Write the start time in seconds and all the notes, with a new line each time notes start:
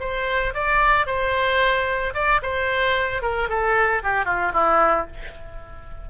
0.00 C5
0.54 D5
1.06 C5
2.14 D5
2.43 C5
3.22 A#4
3.49 A4
4.03 G4
4.25 F4
4.53 E4